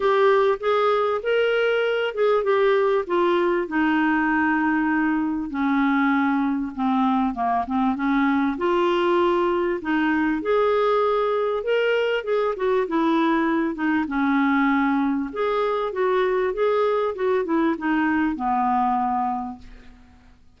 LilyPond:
\new Staff \with { instrumentName = "clarinet" } { \time 4/4 \tempo 4 = 98 g'4 gis'4 ais'4. gis'8 | g'4 f'4 dis'2~ | dis'4 cis'2 c'4 | ais8 c'8 cis'4 f'2 |
dis'4 gis'2 ais'4 | gis'8 fis'8 e'4. dis'8 cis'4~ | cis'4 gis'4 fis'4 gis'4 | fis'8 e'8 dis'4 b2 | }